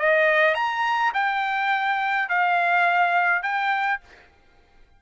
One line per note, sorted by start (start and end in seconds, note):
0.00 0.55 D#5
0.55 1.13 A#5
1.14 2.29 G5
2.29 3.43 F5
3.43 4.01 G5